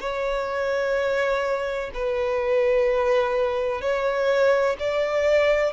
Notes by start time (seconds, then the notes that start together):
0.00 C#5
1.94 B4
3.81 C#5
4.79 D5